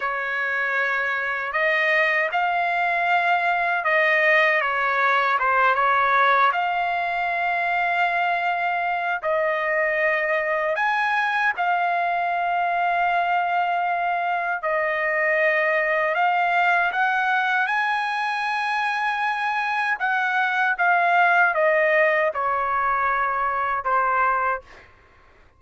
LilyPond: \new Staff \with { instrumentName = "trumpet" } { \time 4/4 \tempo 4 = 78 cis''2 dis''4 f''4~ | f''4 dis''4 cis''4 c''8 cis''8~ | cis''8 f''2.~ f''8 | dis''2 gis''4 f''4~ |
f''2. dis''4~ | dis''4 f''4 fis''4 gis''4~ | gis''2 fis''4 f''4 | dis''4 cis''2 c''4 | }